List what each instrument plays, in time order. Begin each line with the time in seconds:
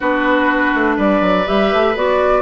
0.00 bassoon B3, clarinet D4, oboe F#4, flute B4
0.74 bassoon A3
0.96 bassoon G3, oboe B4, flute D5
1.21 bassoon F#3
1.45 bassoon G3, clarinet G4, flute E5
1.73 bassoon A3
1.95 bassoon B3, clarinet F#4, flute D5